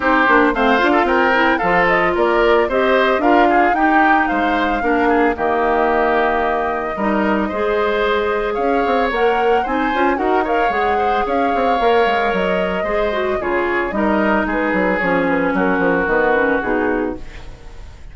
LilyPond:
<<
  \new Staff \with { instrumentName = "flute" } { \time 4/4 \tempo 4 = 112 c''4 f''4 g''4 f''8 dis''8 | d''4 dis''4 f''4 g''4 | f''2 dis''2~ | dis''1 |
f''4 fis''4 gis''4 fis''8 f''8 | fis''4 f''2 dis''4~ | dis''4 cis''4 dis''4 b'4 | cis''8 b'8 ais'4 b'4 gis'4 | }
  \new Staff \with { instrumentName = "oboe" } { \time 4/4 g'4 c''8. a'16 ais'4 a'4 | ais'4 c''4 ais'8 gis'8 g'4 | c''4 ais'8 gis'8 g'2~ | g'4 ais'4 c''2 |
cis''2 c''4 ais'8 cis''8~ | cis''8 c''8 cis''2. | c''4 gis'4 ais'4 gis'4~ | gis'4 fis'2. | }
  \new Staff \with { instrumentName = "clarinet" } { \time 4/4 dis'8 d'8 c'8 f'4 e'8 f'4~ | f'4 g'4 f'4 dis'4~ | dis'4 d'4 ais2~ | ais4 dis'4 gis'2~ |
gis'4 ais'4 dis'8 f'8 fis'8 ais'8 | gis'2 ais'2 | gis'8 fis'8 f'4 dis'2 | cis'2 b8 cis'8 dis'4 | }
  \new Staff \with { instrumentName = "bassoon" } { \time 4/4 c'8 ais8 a8 d'8 c'4 f4 | ais4 c'4 d'4 dis'4 | gis4 ais4 dis2~ | dis4 g4 gis2 |
cis'8 c'8 ais4 c'8 cis'8 dis'4 | gis4 cis'8 c'8 ais8 gis8 fis4 | gis4 cis4 g4 gis8 fis8 | f4 fis8 f8 dis4 b,4 | }
>>